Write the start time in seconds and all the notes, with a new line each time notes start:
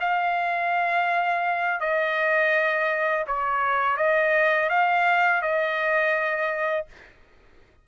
0.00 F5
1.80 D#5
3.27 C#5
3.97 D#5
4.70 F5
5.42 D#5